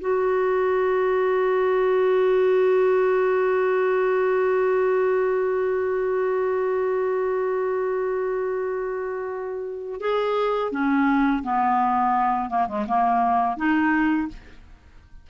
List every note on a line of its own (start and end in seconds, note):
0.00 10.00 F#4
10.00 10.71 G#4
10.71 11.43 C#4
11.43 12.49 B3
12.49 12.67 A#3
12.68 12.86 G#3
12.87 13.56 A#3
13.56 14.28 D#4